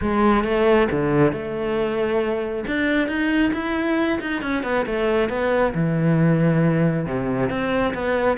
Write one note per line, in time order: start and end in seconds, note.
0.01 0.44 G#3
0.44 0.88 A3
0.91 1.32 D3
1.32 2.64 A3
2.66 3.08 D4
3.08 3.52 D#4
3.53 4.19 E4
4.20 4.42 D#4
4.42 4.63 C#4
4.63 4.85 B3
4.86 5.29 A3
5.29 5.73 B3
5.74 7.05 E3
7.05 7.49 C3
7.49 7.93 C4
7.94 8.37 B3